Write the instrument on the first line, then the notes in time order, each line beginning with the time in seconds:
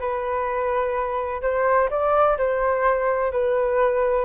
flute
0.00 B4
1.42 C5
1.91 D5
2.38 C5
3.32 B4